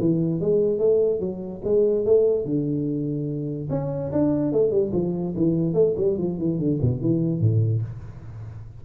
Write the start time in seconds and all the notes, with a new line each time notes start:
0.00 E3
0.41 G#3
0.79 A3
1.20 F#3
1.64 G#3
2.05 A3
2.45 D3
3.70 C#4
4.12 D4
4.52 A3
4.71 G3
4.93 F3
5.37 E3
5.74 A3
5.97 G3
6.18 F3
6.39 E3
6.59 D3
6.82 B2
7.01 E3
7.41 A2